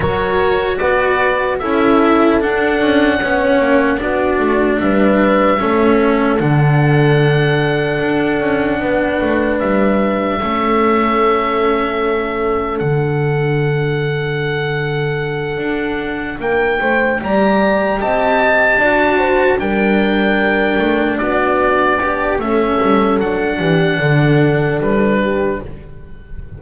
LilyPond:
<<
  \new Staff \with { instrumentName = "oboe" } { \time 4/4 \tempo 4 = 75 cis''4 d''4 e''4 fis''4~ | fis''4 d''4 e''2 | fis''1 | e''1 |
fis''1~ | fis''8 g''4 ais''4 a''4.~ | a''8 g''2 d''4. | e''4 fis''2 b'4 | }
  \new Staff \with { instrumentName = "horn" } { \time 4/4 ais'4 b'4 a'2 | cis''4 fis'4 b'4 a'4~ | a'2. b'4~ | b'4 a'2.~ |
a'1~ | a'8 ais'8 c''8 d''4 dis''4 d''8 | c''8 ais'2 fis'4 d'8 | a'4. g'8 a'4. g'8 | }
  \new Staff \with { instrumentName = "cello" } { \time 4/4 fis'2 e'4 d'4 | cis'4 d'2 cis'4 | d'1~ | d'4 cis'2. |
d'1~ | d'4. g'2 fis'8~ | fis'8 d'2. g'8 | cis'4 d'2. | }
  \new Staff \with { instrumentName = "double bass" } { \time 4/4 fis4 b4 cis'4 d'8 cis'8 | b8 ais8 b8 a8 g4 a4 | d2 d'8 cis'8 b8 a8 | g4 a2. |
d2.~ d8 d'8~ | d'8 ais8 a8 g4 c'4 d'8~ | d'8 g4. a8 b4. | a8 g8 fis8 e8 d4 g4 | }
>>